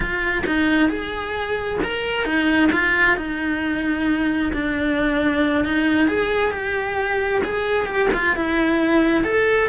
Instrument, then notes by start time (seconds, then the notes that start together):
cello
0.00 F4
0.46 D#4
0.89 G#4
1.83 A#4
2.24 D#4
2.72 F4
3.16 D#4
4.53 D4
5.64 D#4
6.08 G#4
6.51 G4
7.43 G#4
7.86 G4
8.13 F4
8.36 E4
9.24 A4